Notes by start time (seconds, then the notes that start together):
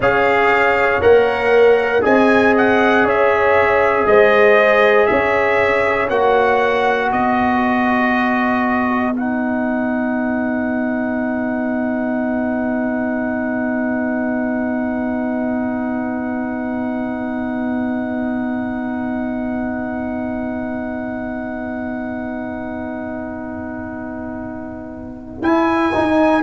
0.00 C#4 G#4 C#5 F5
1.01 A#3 A#4 F#5
2.01 C4 G#4 D#5 G#5
2.57 F#5
3.03 C#4 C#5 E5
4.06 G#3 C5 D#5
5.06 C#4 C#5 E5
6.09 A#3 F#4 F#5
7.08 B3 B4 D#5
9.16 D#4 F#5
25.42 E4 G#5
25.93 D#4